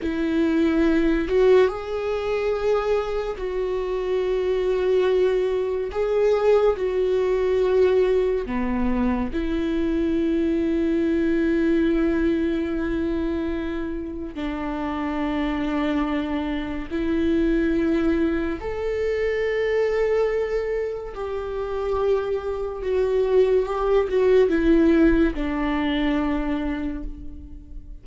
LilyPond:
\new Staff \with { instrumentName = "viola" } { \time 4/4 \tempo 4 = 71 e'4. fis'8 gis'2 | fis'2. gis'4 | fis'2 b4 e'4~ | e'1~ |
e'4 d'2. | e'2 a'2~ | a'4 g'2 fis'4 | g'8 fis'8 e'4 d'2 | }